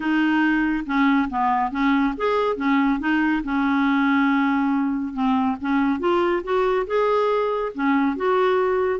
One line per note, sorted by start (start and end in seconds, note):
0.00 0.84 D#4
0.86 1.29 C#4
1.29 1.71 B3
1.71 2.14 C#4
2.17 2.56 G#4
2.56 2.99 C#4
2.99 3.42 D#4
3.43 5.13 C#4
5.13 5.56 C4
5.60 5.99 C#4
5.99 6.42 F4
6.43 6.86 F#4
6.86 7.72 G#4
7.74 8.16 C#4
8.16 9.00 F#4